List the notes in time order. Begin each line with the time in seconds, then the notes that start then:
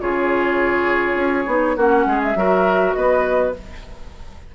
0.00 C#3 F4 G#4 C#5
1.14 C#4
1.46 B3 D#4
1.76 A#3 C#4 F#4 F#5
2.05 G#3 G#4
2.23 E5
2.35 F#3 F#4 A#4
2.93 B3 B4 D#5